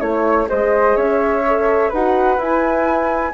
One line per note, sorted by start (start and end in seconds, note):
0.00 0.48 A3
0.00 0.47 E4
0.00 0.48 C#5
0.47 0.96 G#3
0.47 1.42 G#4
0.47 0.96 C5
0.47 0.97 D#5
0.96 1.92 C#4
0.96 1.89 C#5
0.96 1.92 E5
1.47 1.93 A4
1.89 2.38 D#4
1.89 2.38 F#4
1.89 3.32 B4
1.89 2.40 F#5
2.38 3.33 E4
2.38 3.34 G#5